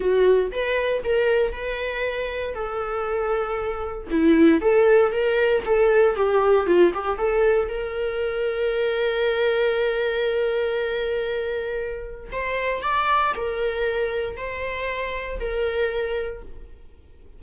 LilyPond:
\new Staff \with { instrumentName = "viola" } { \time 4/4 \tempo 4 = 117 fis'4 b'4 ais'4 b'4~ | b'4 a'2. | e'4 a'4 ais'4 a'4 | g'4 f'8 g'8 a'4 ais'4~ |
ais'1~ | ais'1 | c''4 d''4 ais'2 | c''2 ais'2 | }